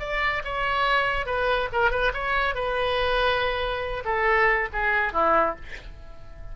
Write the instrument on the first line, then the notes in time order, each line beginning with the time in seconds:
oboe
0.00 D5
0.45 C#5
1.26 B4
1.73 A#4
1.91 B4
2.14 C#5
2.55 B4
4.05 A4
4.73 G#4
5.13 E4